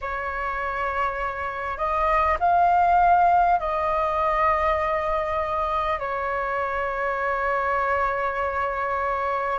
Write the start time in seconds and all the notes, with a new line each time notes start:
0.01 C#5
1.77 D#5
2.39 F5
3.59 D#5
5.99 C#5